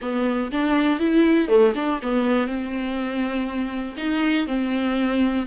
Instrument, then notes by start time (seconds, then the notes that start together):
viola
0.01 B3
0.51 D4
0.99 E4
1.48 A3
1.75 D4
2.02 B3
2.47 C4
3.97 D#4
4.47 C4